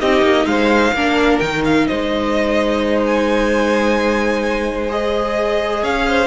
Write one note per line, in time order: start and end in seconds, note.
0.00 0.22 C4
0.00 0.94 D#4
0.00 0.47 G4
0.00 0.46 D#5
0.22 0.45 A#3
0.46 0.92 G#3
0.46 0.94 C5
0.46 1.39 F5
0.93 1.39 A#3
0.93 1.43 D4
0.93 1.87 A#4
1.39 1.87 D#3
1.39 4.89 D#4
1.39 1.62 G5
1.64 1.87 F5
1.87 5.83 G#3
1.87 5.82 C5
1.87 3.03 D#5
3.06 4.91 G#5
4.89 6.27 G#4
4.89 5.84 D#5
5.82 6.27 C#4
5.82 6.06 C#5
5.82 6.27 F5
6.07 6.27 C5